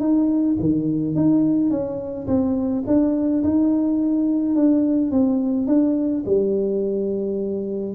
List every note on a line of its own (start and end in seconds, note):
0.00 0.57 D#4
0.60 1.16 D#3
1.16 1.71 D#4
1.71 2.27 C#4
2.27 2.84 C4
2.87 3.44 D4
3.44 4.55 D#4
4.55 5.11 D4
5.11 5.67 C4
5.67 6.24 D4
6.26 7.95 G3